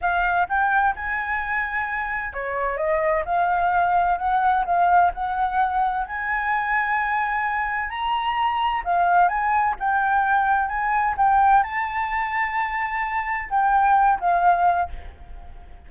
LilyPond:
\new Staff \with { instrumentName = "flute" } { \time 4/4 \tempo 4 = 129 f''4 g''4 gis''2~ | gis''4 cis''4 dis''4 f''4~ | f''4 fis''4 f''4 fis''4~ | fis''4 gis''2.~ |
gis''4 ais''2 f''4 | gis''4 g''2 gis''4 | g''4 a''2.~ | a''4 g''4. f''4. | }